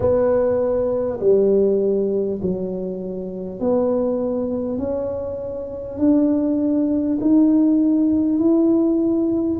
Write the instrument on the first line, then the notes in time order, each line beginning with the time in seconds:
tuba
0.00 B3
1.19 G3
2.42 F#3
3.59 B3
4.78 C#4
5.98 D4
7.20 D#4
8.38 E4